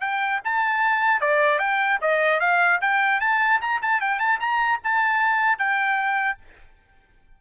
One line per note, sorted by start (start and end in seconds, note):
0.00 0.40 G5
0.44 1.20 A5
1.20 1.59 D5
1.59 1.99 G5
2.01 2.40 D#5
2.40 2.80 F5
2.81 3.20 G5
3.20 3.60 A5
3.61 3.81 A#5
3.81 4.00 A5
4.00 4.19 G5
4.19 4.39 A5
4.39 4.79 A#5
4.83 5.58 A5
5.58 6.38 G5